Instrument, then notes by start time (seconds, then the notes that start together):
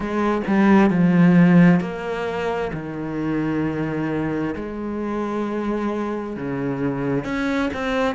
cello
0.00 G#3
0.47 G3
0.90 F3
1.80 A#3
2.73 D#3
4.55 G#3
6.36 C#3
7.24 C#4
7.73 C4